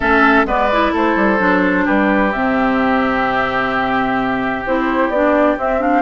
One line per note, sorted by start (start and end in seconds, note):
0.00 0.44 A3
0.00 0.46 C#4
0.00 0.46 A4
0.00 0.47 E5
0.44 0.91 G#3
0.44 0.69 B3
0.44 0.92 B4
0.44 0.94 D5
0.72 1.38 E4
0.92 1.16 A3
0.92 1.84 A4
0.92 1.87 C5
1.16 1.39 G3
1.38 1.86 F#3
1.38 2.31 D4
1.84 2.34 G3
1.84 6.01 G4
1.84 2.32 B4
2.32 4.66 C3
2.32 4.66 C4
2.32 4.65 E5
4.66 5.09 C4
4.66 5.12 E4
4.66 5.09 C5
5.09 5.55 B3
5.09 5.57 D4
5.09 5.56 D5
5.57 6.01 C4
5.57 5.80 C4
5.57 5.81 E5
5.80 6.01 D4
5.80 6.01 F5